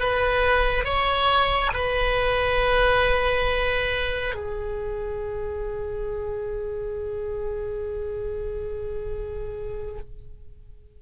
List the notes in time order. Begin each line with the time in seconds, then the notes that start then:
0.00 B4
0.85 C#5
1.74 B4
4.35 G#4